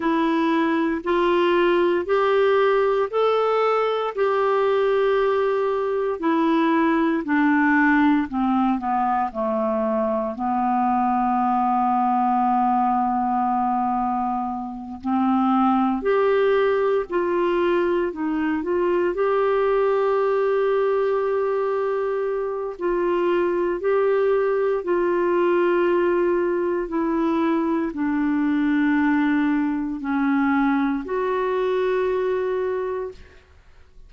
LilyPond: \new Staff \with { instrumentName = "clarinet" } { \time 4/4 \tempo 4 = 58 e'4 f'4 g'4 a'4 | g'2 e'4 d'4 | c'8 b8 a4 b2~ | b2~ b8 c'4 g'8~ |
g'8 f'4 dis'8 f'8 g'4.~ | g'2 f'4 g'4 | f'2 e'4 d'4~ | d'4 cis'4 fis'2 | }